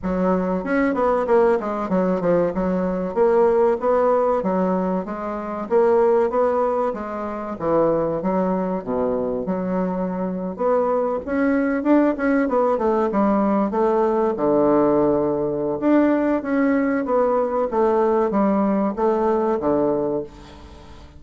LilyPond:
\new Staff \with { instrumentName = "bassoon" } { \time 4/4 \tempo 4 = 95 fis4 cis'8 b8 ais8 gis8 fis8 f8 | fis4 ais4 b4 fis4 | gis4 ais4 b4 gis4 | e4 fis4 b,4 fis4~ |
fis8. b4 cis'4 d'8 cis'8 b16~ | b16 a8 g4 a4 d4~ d16~ | d4 d'4 cis'4 b4 | a4 g4 a4 d4 | }